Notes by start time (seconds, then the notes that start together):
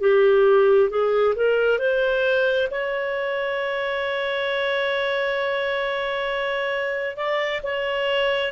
0.00 G4
0.90 G#4
1.35 A#4
1.78 C5
2.71 C#5
7.16 D5
7.63 C#5